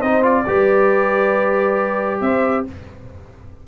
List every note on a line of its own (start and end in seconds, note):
0.00 0.46 C4
0.00 0.23 D#4
0.00 0.44 C5
0.00 0.24 D#5
0.23 0.45 F4
0.23 2.21 D5
0.47 2.21 G3
0.47 2.67 G4
0.47 2.22 B4
2.21 2.65 C4
2.21 2.67 C5
2.21 2.65 E5